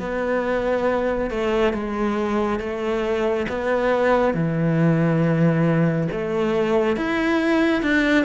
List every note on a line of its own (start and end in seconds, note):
0.00 1.30 B3
1.31 1.74 A3
1.74 2.60 G#3
2.60 3.47 A3
3.49 4.34 B3
4.34 6.08 E3
6.12 6.97 A3
6.97 7.83 E4
7.83 8.25 D4